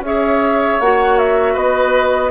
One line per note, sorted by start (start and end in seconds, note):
0.00 0.77 C#4
0.00 0.81 G#4
0.00 1.53 C#5
0.00 0.80 E5
0.79 1.55 A#3
0.79 2.31 F#4
0.79 1.18 F#5
1.18 1.56 E5
1.53 2.31 B3
1.53 2.30 B4
1.53 2.31 D#5